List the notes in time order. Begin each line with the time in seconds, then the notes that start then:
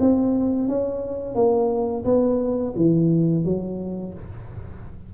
0.00 C4
0.68 C#4
1.35 A#3
2.05 B3
2.76 E3
3.45 F#3